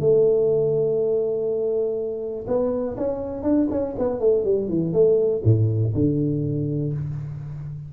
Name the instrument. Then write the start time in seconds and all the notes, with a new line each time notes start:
tuba
0.00 A3
2.47 B3
2.97 C#4
3.43 D4
3.70 C#4
3.99 B3
4.20 A3
4.44 G3
4.69 E3
4.93 A3
5.44 A2
5.94 D3